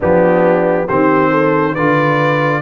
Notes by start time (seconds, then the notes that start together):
0.00 F3 B3 D4 G4
0.86 D#3 C4 G4 C5
1.31 A4
1.72 D3 F4 B4 D5